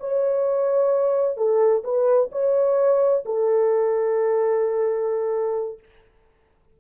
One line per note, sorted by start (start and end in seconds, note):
0.00 1.37 C#5
1.37 1.83 A4
1.84 2.30 B4
2.32 3.24 C#5
3.25 5.79 A4